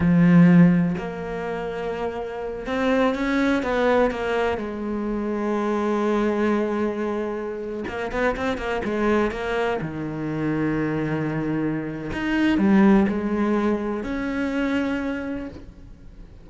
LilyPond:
\new Staff \with { instrumentName = "cello" } { \time 4/4 \tempo 4 = 124 f2 ais2~ | ais4. c'4 cis'4 b8~ | b8 ais4 gis2~ gis8~ | gis1~ |
gis16 ais8 b8 c'8 ais8 gis4 ais8.~ | ais16 dis2.~ dis8.~ | dis4 dis'4 g4 gis4~ | gis4 cis'2. | }